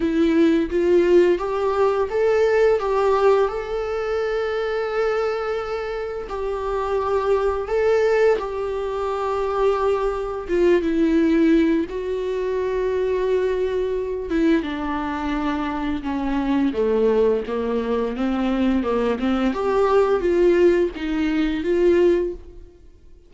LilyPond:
\new Staff \with { instrumentName = "viola" } { \time 4/4 \tempo 4 = 86 e'4 f'4 g'4 a'4 | g'4 a'2.~ | a'4 g'2 a'4 | g'2. f'8 e'8~ |
e'4 fis'2.~ | fis'8 e'8 d'2 cis'4 | a4 ais4 c'4 ais8 c'8 | g'4 f'4 dis'4 f'4 | }